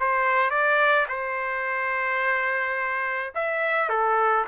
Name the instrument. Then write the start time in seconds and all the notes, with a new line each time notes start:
trumpet
0.00 C5
0.50 D5
1.09 C5
3.35 E5
3.89 A4